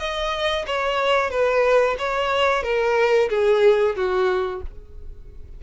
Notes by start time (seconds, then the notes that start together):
0.00 D#5
0.67 C#5
1.31 B4
1.99 C#5
2.64 A#4
3.30 G#4
3.97 F#4